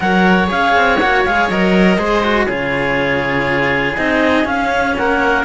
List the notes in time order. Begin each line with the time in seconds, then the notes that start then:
0.00 F#3 A#4 C#5 F#5
0.47 C#4 G#4 F5
0.75 C4
0.99 A#3 F#4 F#5
1.24 G#3 G#4 F5
1.49 F#3 A#4 D#5
1.97 G#3 G#4 C5
2.23 F#4
2.46 C#3 F4 G#4 C#5
3.96 C4 D#4 D#5
4.44 C#4 F5
4.97 A#3 A#4 F#5